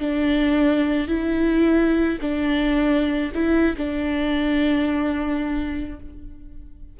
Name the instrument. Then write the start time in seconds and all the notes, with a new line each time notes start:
viola
0.00 D4
1.08 E4
2.21 D4
3.35 E4
3.78 D4